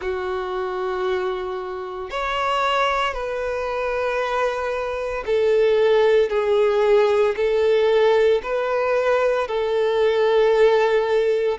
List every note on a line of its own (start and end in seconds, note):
0.00 2.10 F#4
2.10 3.13 C#5
3.13 5.23 B4
5.26 6.29 A4
6.29 7.34 G#4
7.36 8.41 A4
8.42 9.47 B4
9.47 11.58 A4